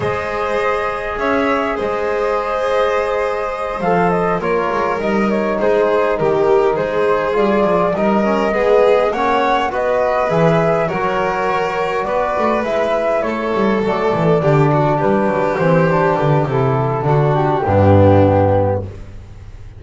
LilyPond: <<
  \new Staff \with { instrumentName = "flute" } { \time 4/4 \tempo 4 = 102 dis''2 e''4 dis''4~ | dis''2~ dis''8 f''8 dis''8 cis''8~ | cis''8 dis''8 cis''8 c''4 ais'4 c''8~ | c''8 d''4 dis''2 fis''8~ |
fis''8 dis''4 e''4 cis''4.~ | cis''8 d''4 e''4 cis''4 d''8~ | d''4. b'4 c''4 b'8 | a'4. g'2~ g'8 | }
  \new Staff \with { instrumentName = "violin" } { \time 4/4 c''2 cis''4 c''4~ | c''2.~ c''8 ais'8~ | ais'4. gis'4 g'4 gis'8~ | gis'4. ais'4 gis'4 cis''8~ |
cis''8 b'2 ais'4.~ | ais'8 b'2 a'4.~ | a'8 g'8 fis'8 g'2~ g'8~ | g'4 fis'4 d'2 | }
  \new Staff \with { instrumentName = "trombone" } { \time 4/4 gis'1~ | gis'2~ gis'8 a'4 f'8~ | f'8 dis'2.~ dis'8~ | dis'8 f'4 dis'8 cis'8 b4 cis'8~ |
cis'8 fis'4 gis'4 fis'4.~ | fis'4. e'2 a8~ | a8 d'2 c'8 d'4 | e'4 d'4 b2 | }
  \new Staff \with { instrumentName = "double bass" } { \time 4/4 gis2 cis'4 gis4~ | gis2~ gis8 f4 ais8 | gis8 g4 gis4 dis4 gis8~ | gis8 g8 f8 g4 gis4 ais8~ |
ais8 b4 e4 fis4.~ | fis8 b8 a8 gis4 a8 g8 fis8 | e8 d4 g8 fis8 e4 d8 | c4 d4 g,2 | }
>>